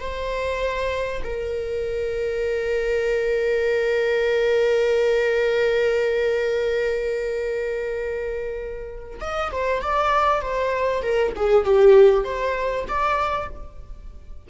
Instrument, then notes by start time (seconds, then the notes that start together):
viola
0.00 C5
1.24 A#4
9.21 D#5
9.52 C5
9.82 D5
10.41 C5
11.02 A#4
11.35 G#4
11.64 G4
12.24 C5
12.88 D5